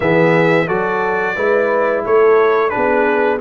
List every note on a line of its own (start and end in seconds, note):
0.00 0.68 E3
0.00 0.66 B3
0.00 0.66 G#4
0.00 0.68 E5
0.66 1.36 F#3
0.66 1.36 F#4
0.66 1.35 A4
0.66 2.04 D5
1.35 2.04 G#3
1.35 2.70 E4
1.35 2.03 B4
2.04 2.73 A3
2.04 2.72 A4
2.04 2.69 C#5
2.69 3.38 D4
2.69 3.41 G#4
2.69 3.37 B4
2.76 3.41 B3